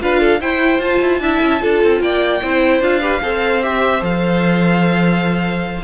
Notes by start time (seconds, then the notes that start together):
0.00 D4 F4 B4 F5
0.19 A4
0.40 E4 C5 G5
0.78 F4 A5
1.01 E4
1.19 D4 E4 E5
1.41 C#4
1.60 D4 F4 A4
1.83 C4
2.00 A#3 D5 G5
2.41 C4 E4 C5
2.80 D4 F4 F5
3.00 G4 B4
3.22 C4 A4 C5
3.62 G4 E5
4.00 F3 A4 F5